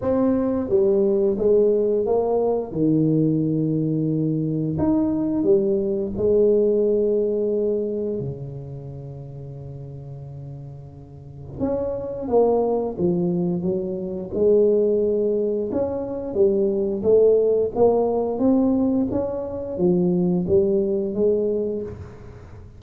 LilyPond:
\new Staff \with { instrumentName = "tuba" } { \time 4/4 \tempo 4 = 88 c'4 g4 gis4 ais4 | dis2. dis'4 | g4 gis2. | cis1~ |
cis4 cis'4 ais4 f4 | fis4 gis2 cis'4 | g4 a4 ais4 c'4 | cis'4 f4 g4 gis4 | }